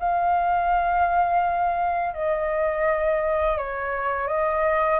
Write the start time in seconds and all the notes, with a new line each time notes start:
0.00 F5
2.15 D#5
3.58 C#5
4.28 D#5